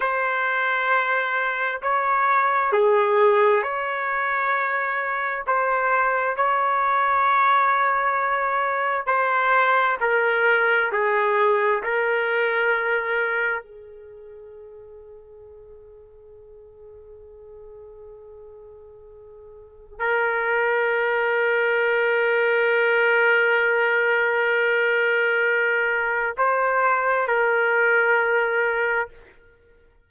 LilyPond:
\new Staff \with { instrumentName = "trumpet" } { \time 4/4 \tempo 4 = 66 c''2 cis''4 gis'4 | cis''2 c''4 cis''4~ | cis''2 c''4 ais'4 | gis'4 ais'2 gis'4~ |
gis'1~ | gis'2 ais'2~ | ais'1~ | ais'4 c''4 ais'2 | }